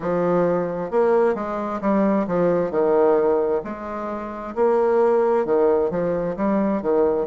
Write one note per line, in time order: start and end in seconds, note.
0.00 0.90 F3
0.90 1.34 A#3
1.34 1.80 G#3
1.81 2.26 G3
2.27 2.70 F3
2.70 3.61 D#3
3.64 4.55 G#3
4.55 5.45 A#3
5.45 5.90 D#3
5.90 6.36 F3
6.36 6.81 G3
6.81 7.26 D#3